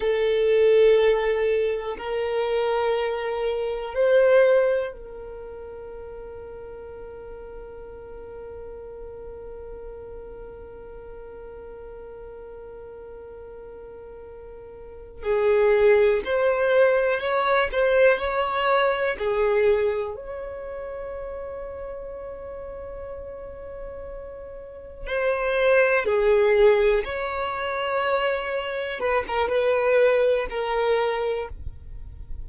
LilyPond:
\new Staff \with { instrumentName = "violin" } { \time 4/4 \tempo 4 = 61 a'2 ais'2 | c''4 ais'2.~ | ais'1~ | ais'2.~ ais'8 gis'8~ |
gis'8 c''4 cis''8 c''8 cis''4 gis'8~ | gis'8 cis''2.~ cis''8~ | cis''4. c''4 gis'4 cis''8~ | cis''4. b'16 ais'16 b'4 ais'4 | }